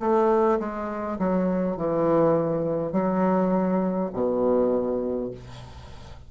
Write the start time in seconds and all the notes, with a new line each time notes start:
0.00 A3
0.59 G#3
1.18 F#3
1.76 E3
2.92 F#3
4.13 B2